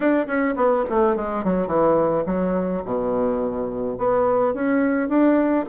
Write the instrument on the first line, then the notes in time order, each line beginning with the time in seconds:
bassoon
0.00 D4
0.26 C#4
0.56 B3
0.89 A3
1.16 G#3
1.44 F#3
1.67 E3
2.26 F#3
2.84 B2
3.98 B3
4.54 C#4
5.08 D4